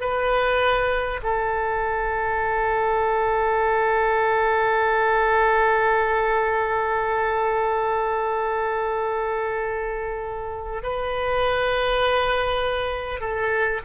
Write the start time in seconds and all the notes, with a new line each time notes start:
0.00 B4
1.23 A4
10.82 B4
13.20 A4